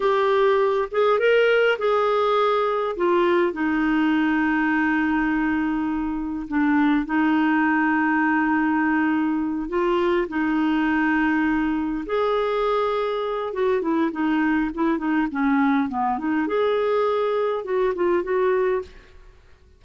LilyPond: \new Staff \with { instrumentName = "clarinet" } { \time 4/4 \tempo 4 = 102 g'4. gis'8 ais'4 gis'4~ | gis'4 f'4 dis'2~ | dis'2. d'4 | dis'1~ |
dis'8 f'4 dis'2~ dis'8~ | dis'8 gis'2~ gis'8 fis'8 e'8 | dis'4 e'8 dis'8 cis'4 b8 dis'8 | gis'2 fis'8 f'8 fis'4 | }